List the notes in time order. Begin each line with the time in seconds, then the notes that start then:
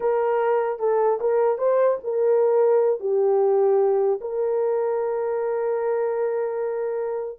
0.00 A#4
0.79 A4
1.20 A#4
1.57 C5
2.03 A#4
3.00 G4
4.21 A#4